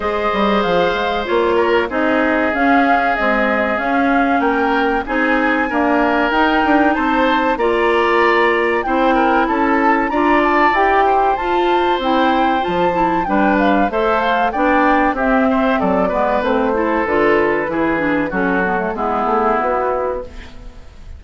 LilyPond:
<<
  \new Staff \with { instrumentName = "flute" } { \time 4/4 \tempo 4 = 95 dis''4 f''4 cis''4 dis''4 | f''4 dis''4 f''4 g''4 | gis''2 g''4 a''4 | ais''2 g''4 a''4 |
ais''8 a''8 g''4 a''4 g''4 | a''4 g''8 f''8 e''8 f''8 g''4 | e''4 d''4 c''4 b'4~ | b'4 a'4 gis'4 fis'4 | }
  \new Staff \with { instrumentName = "oboe" } { \time 4/4 c''2~ c''8 ais'8 gis'4~ | gis'2. ais'4 | gis'4 ais'2 c''4 | d''2 c''8 ais'8 a'4 |
d''4. c''2~ c''8~ | c''4 b'4 c''4 d''4 | g'8 c''8 a'8 b'4 a'4. | gis'4 fis'4 e'2 | }
  \new Staff \with { instrumentName = "clarinet" } { \time 4/4 gis'2 f'4 dis'4 | cis'4 gis4 cis'2 | dis'4 ais4 dis'2 | f'2 e'2 |
f'4 g'4 f'4 e'4 | f'8 e'8 d'4 a'4 d'4 | c'4. b8 c'8 e'8 f'4 | e'8 d'8 cis'8 b16 a16 b2 | }
  \new Staff \with { instrumentName = "bassoon" } { \time 4/4 gis8 g8 f8 gis8 ais4 c'4 | cis'4 c'4 cis'4 ais4 | c'4 d'4 dis'8 d'8 c'4 | ais2 c'4 cis'4 |
d'4 e'4 f'4 c'4 | f4 g4 a4 b4 | c'4 fis8 gis8 a4 d4 | e4 fis4 gis8 a8 b4 | }
>>